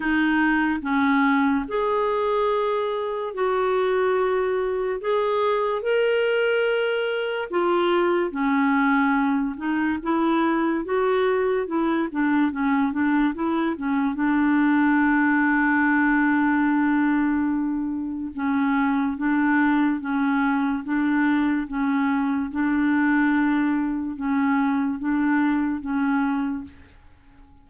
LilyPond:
\new Staff \with { instrumentName = "clarinet" } { \time 4/4 \tempo 4 = 72 dis'4 cis'4 gis'2 | fis'2 gis'4 ais'4~ | ais'4 f'4 cis'4. dis'8 | e'4 fis'4 e'8 d'8 cis'8 d'8 |
e'8 cis'8 d'2.~ | d'2 cis'4 d'4 | cis'4 d'4 cis'4 d'4~ | d'4 cis'4 d'4 cis'4 | }